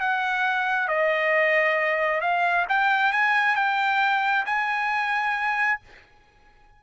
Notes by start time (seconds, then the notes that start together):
0.00 F#5
0.88 D#5
2.21 F5
2.69 G5
3.12 G#5
3.55 G5
4.45 G#5